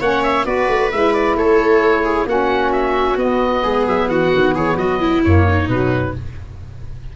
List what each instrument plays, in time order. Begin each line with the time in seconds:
0.00 tuba A#3, saxophone C#4, viola C#5, oboe F#5
0.23 oboe E5
0.44 tuba B3, saxophone F#4, viola B4, oboe D5
0.68 tuba A3
0.91 tuba G#3, saxophone E4, oboe E5
1.13 oboe D5
1.35 tuba A3, viola A4, oboe C#5
2.04 viola G#4
2.26 tuba A#3, saxophone C#4, viola F#4, oboe F#5
2.72 oboe E5
3.16 tuba B3, saxophone B3, oboe D#5
3.63 tuba G#3, viola G#4
3.86 tuba F#3, oboe E5
4.08 tuba E3, viola F#4, oboe F#5
4.34 tuba D#3
4.55 tuba E3, viola G#4, oboe C#5
4.76 tuba F#3, viola F#4, oboe D#5
5.00 viola E4
5.24 tuba F#2, saxophone A#3, oboe C#5
5.48 viola D#4
5.68 tuba B2, saxophone F#3, oboe B4